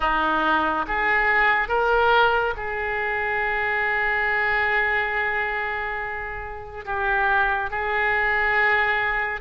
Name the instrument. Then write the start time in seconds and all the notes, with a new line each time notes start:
oboe
0.00 D#4
0.87 G#4
1.68 A#4
2.56 G#4
6.85 G4
7.70 G#4